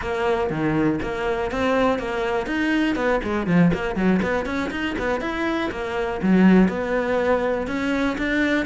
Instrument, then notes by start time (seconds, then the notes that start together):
cello
0.01 A#3
0.50 D#3
1.02 A#3
1.51 C4
1.98 A#3
2.46 D#4
2.95 B3
3.23 G#3
3.46 F3
3.73 A#3
3.95 F#3
4.22 B3
4.45 C#4
4.70 D#4
4.98 B3
5.20 E4
5.71 A#3
6.22 F#3
6.68 B3
7.67 C#4
8.18 D4